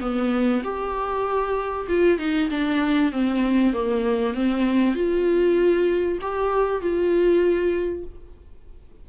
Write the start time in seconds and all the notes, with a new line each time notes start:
0.00 B3
0.63 G4
1.88 F4
2.18 D#4
2.50 D4
3.12 C4
3.73 A#3
4.34 C4
4.95 F4
6.21 G4
6.81 F4